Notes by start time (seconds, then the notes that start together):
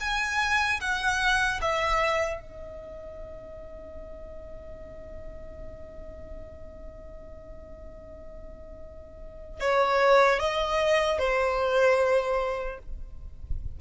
0.00 G#5
0.80 F#5
1.61 E5
2.41 D#5
9.60 C#5
10.39 D#5
11.19 C5